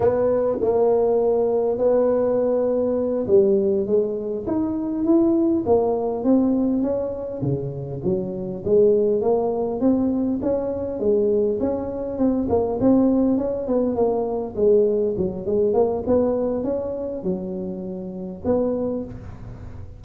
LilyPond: \new Staff \with { instrumentName = "tuba" } { \time 4/4 \tempo 4 = 101 b4 ais2 b4~ | b4. g4 gis4 dis'8~ | dis'8 e'4 ais4 c'4 cis'8~ | cis'8 cis4 fis4 gis4 ais8~ |
ais8 c'4 cis'4 gis4 cis'8~ | cis'8 c'8 ais8 c'4 cis'8 b8 ais8~ | ais8 gis4 fis8 gis8 ais8 b4 | cis'4 fis2 b4 | }